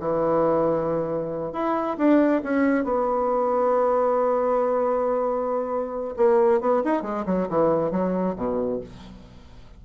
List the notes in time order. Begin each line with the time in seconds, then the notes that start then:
0.00 E3
1.53 E4
1.98 D4
2.44 C#4
2.85 B3
6.17 A#3
6.61 B3
6.85 D#4
7.03 G#3
7.26 F#3
7.49 E3
7.92 F#3
8.36 B2